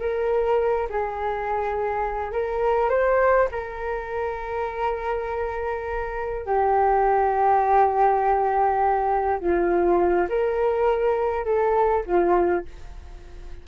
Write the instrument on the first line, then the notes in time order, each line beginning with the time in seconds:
flute
0.00 A#4
0.89 G#4
2.32 A#4
2.90 C5
3.52 A#4
6.46 G4
9.40 F4
10.29 A#4
11.45 A4
12.06 F4